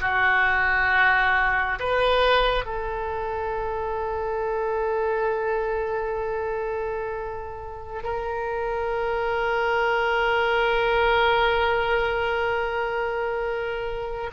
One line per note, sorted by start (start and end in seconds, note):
0.00 1.79 F#4
1.80 2.65 B4
2.65 8.02 A4
8.04 14.30 A#4